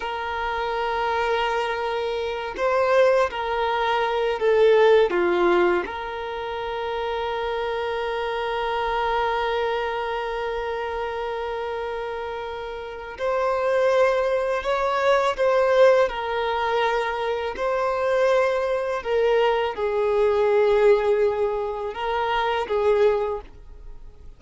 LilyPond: \new Staff \with { instrumentName = "violin" } { \time 4/4 \tempo 4 = 82 ais'2.~ ais'8 c''8~ | c''8 ais'4. a'4 f'4 | ais'1~ | ais'1~ |
ais'2 c''2 | cis''4 c''4 ais'2 | c''2 ais'4 gis'4~ | gis'2 ais'4 gis'4 | }